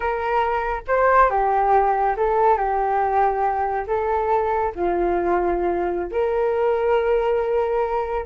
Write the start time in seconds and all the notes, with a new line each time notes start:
0.00 A#4
0.87 C5
1.30 G4
2.16 A4
2.57 G4
3.87 A4
4.75 F4
6.11 A#4